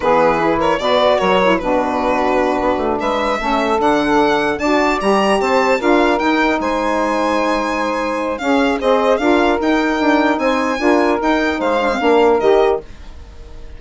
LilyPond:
<<
  \new Staff \with { instrumentName = "violin" } { \time 4/4 \tempo 4 = 150 b'4. cis''8 d''4 cis''4 | b'2.~ b'8 e''8~ | e''4. fis''2 a''8~ | a''8 ais''4 a''4 f''4 g''8~ |
g''8 gis''2.~ gis''8~ | gis''4 f''4 dis''4 f''4 | g''2 gis''2 | g''4 f''2 dis''4 | }
  \new Staff \with { instrumentName = "saxophone" } { \time 4/4 gis'4. ais'8 b'4 ais'4 | fis'2.~ fis'8 b'8~ | b'8 a'2. d''8~ | d''4. c''4 ais'4.~ |
ais'8 c''2.~ c''8~ | c''4 gis'4 c''4 ais'4~ | ais'2 c''4 ais'4~ | ais'4 c''4 ais'2 | }
  \new Staff \with { instrumentName = "saxophone" } { \time 4/4 b4 e'4 fis'4. e'8 | d'1~ | d'8 cis'4 d'2 fis'8~ | fis'8 g'2 f'4 dis'8~ |
dis'1~ | dis'4 cis'4 gis'4 f'4 | dis'2. f'4 | dis'4. d'16 c'16 d'4 g'4 | }
  \new Staff \with { instrumentName = "bassoon" } { \time 4/4 e2 b,4 fis4 | b,2~ b,8 b8 a8 gis8~ | gis8 a4 d2 d'8~ | d'8 g4 c'4 d'4 dis'8~ |
dis'8 gis2.~ gis8~ | gis4 cis'4 c'4 d'4 | dis'4 d'4 c'4 d'4 | dis'4 gis4 ais4 dis4 | }
>>